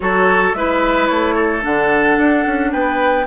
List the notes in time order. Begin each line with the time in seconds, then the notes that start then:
0.00 F#3 F#4 A4 C#5
0.53 G#3 E4 B4 E5
1.07 A3 C#5
1.34 A4
1.61 D3 D4 F#5
2.17 D4
2.46 C#4
2.72 B3 B4 G5